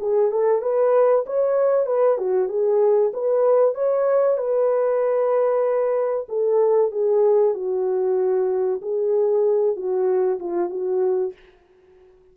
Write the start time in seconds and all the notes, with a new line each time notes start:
0.00 G#4
0.32 A4
0.62 B4
1.26 C#5
1.86 B4
2.18 F#4
2.49 G#4
3.13 B4
3.75 C#5
4.37 B4
6.29 A4
6.92 G#4
7.54 F#4
8.82 G#4
9.76 F#4
10.40 F4
10.70 F#4